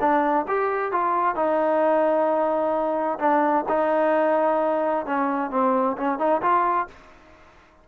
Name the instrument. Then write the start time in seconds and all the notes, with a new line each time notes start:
trombone
0.00 D4
0.48 G4
0.92 F4
1.35 D#4
3.19 D4
3.68 D#4
5.06 C#4
5.51 C4
5.97 C#4
6.19 D#4
6.42 F4